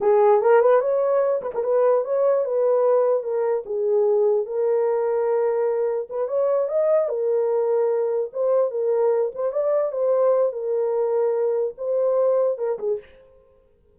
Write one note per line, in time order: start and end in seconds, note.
0.01 0.41 G#4
0.41 0.60 A#4
0.60 0.81 B4
0.81 1.41 C#5
1.42 1.52 B4
1.54 1.63 A#4
1.63 2.04 B4
2.04 2.45 C#5
2.45 3.23 B4
3.23 3.63 A#4
3.65 4.45 G#4
4.45 6.08 A#4
6.09 6.27 B4
6.27 6.68 C#5
6.68 7.08 D#5
7.08 8.30 A#4
8.32 8.70 C5
8.70 9.31 A#4
9.34 9.52 C5
9.52 9.92 D5
9.92 10.52 C5
10.52 11.74 A#4
11.77 12.58 C5
12.58 12.78 A#4
12.78 12.99 G#4